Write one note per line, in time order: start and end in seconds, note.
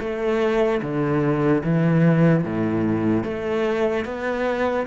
0.00 0.81 A3
0.81 1.63 D3
1.64 2.44 E3
2.44 3.24 A2
3.24 4.05 A3
4.05 4.86 B3